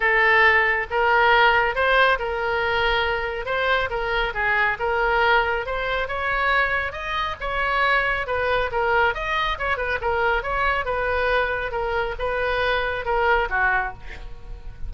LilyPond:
\new Staff \with { instrumentName = "oboe" } { \time 4/4 \tempo 4 = 138 a'2 ais'2 | c''4 ais'2. | c''4 ais'4 gis'4 ais'4~ | ais'4 c''4 cis''2 |
dis''4 cis''2 b'4 | ais'4 dis''4 cis''8 b'8 ais'4 | cis''4 b'2 ais'4 | b'2 ais'4 fis'4 | }